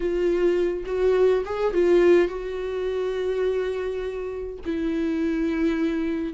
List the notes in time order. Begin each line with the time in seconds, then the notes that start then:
0.00 F4
0.85 F#4
1.45 G#4
1.73 F4
2.28 F#4
4.65 E4